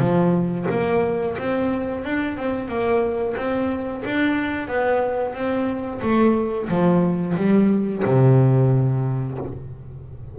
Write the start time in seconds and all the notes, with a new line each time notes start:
0.00 F3
0.71 A#3
1.39 C4
2.05 D4
2.38 C4
2.69 A#3
3.37 C4
4.05 D4
4.68 B3
5.35 C4
6.02 A3
6.69 F3
7.37 G3
8.06 C3